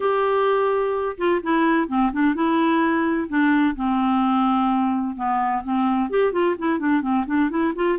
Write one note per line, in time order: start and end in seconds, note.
0.00 1.16 G4
1.17 1.41 F4
1.42 1.88 E4
1.88 2.11 C4
2.12 2.34 D4
2.34 3.28 E4
3.28 3.75 D4
3.75 5.15 C4
5.15 5.62 B3
5.63 6.09 C4
6.09 6.32 G4
6.32 6.55 F4
6.58 6.79 E4
6.79 7.01 D4
7.01 7.25 C4
7.26 7.49 D4
7.50 7.73 E4
7.75 7.98 F4